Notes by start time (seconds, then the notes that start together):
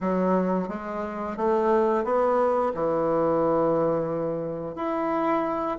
0.00 F#3
0.68 G#3
1.36 A3
2.04 B3
2.74 E3
4.75 E4